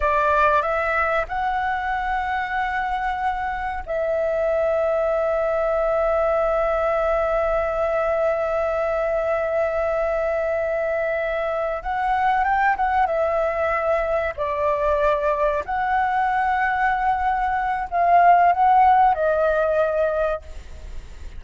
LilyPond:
\new Staff \with { instrumentName = "flute" } { \time 4/4 \tempo 4 = 94 d''4 e''4 fis''2~ | fis''2 e''2~ | e''1~ | e''1~ |
e''2~ e''8 fis''4 g''8 | fis''8 e''2 d''4.~ | d''8 fis''2.~ fis''8 | f''4 fis''4 dis''2 | }